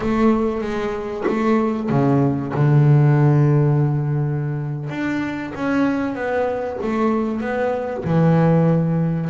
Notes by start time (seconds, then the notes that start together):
0.00 A3
0.61 G#3
1.27 A3
1.89 C#3
2.53 D3
4.89 D4
5.54 C#4
6.14 B3
6.82 A3
7.40 B3
8.04 E3